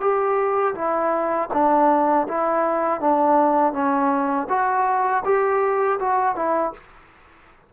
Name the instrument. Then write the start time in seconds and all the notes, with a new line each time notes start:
trombone
0.00 G4
0.74 E4
1.53 D4
2.28 E4
3.00 D4
3.72 C#4
4.49 F#4
5.24 G4
5.99 F#4
6.35 E4